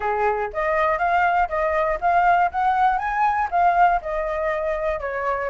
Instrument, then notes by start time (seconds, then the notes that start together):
flute
0.00 G#4
0.53 D#5
0.98 F5
1.48 D#5
2.00 F5
2.51 F#5
2.98 G#5
3.50 F5
4.01 D#5
5.00 C#5